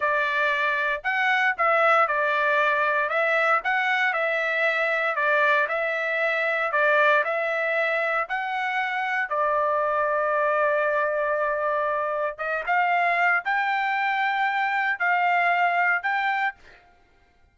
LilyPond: \new Staff \with { instrumentName = "trumpet" } { \time 4/4 \tempo 4 = 116 d''2 fis''4 e''4 | d''2 e''4 fis''4 | e''2 d''4 e''4~ | e''4 d''4 e''2 |
fis''2 d''2~ | d''1 | dis''8 f''4. g''2~ | g''4 f''2 g''4 | }